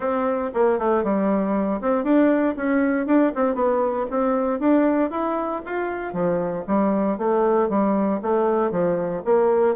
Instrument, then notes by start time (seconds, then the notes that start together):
bassoon
0.00 C4
0.54 A#3
0.78 A3
1.03 G3
1.81 C4
2.03 D4
2.56 C#4
3.06 D4
3.34 C4
3.55 B3
4.10 C4
4.59 D4
5.10 E4
5.65 F4
6.13 F3
6.67 G3
7.17 A3
7.69 G3
8.22 A3
8.71 F3
9.24 A#3